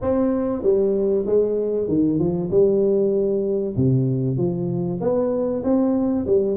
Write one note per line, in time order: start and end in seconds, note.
0.01 0.62 C4
0.62 1.25 G3
1.26 1.88 G#3
1.88 2.19 D#3
2.19 2.50 F3
2.50 3.75 G3
3.76 4.37 C3
4.37 4.99 F3
5.00 5.63 B3
5.63 6.26 C4
6.26 6.56 G3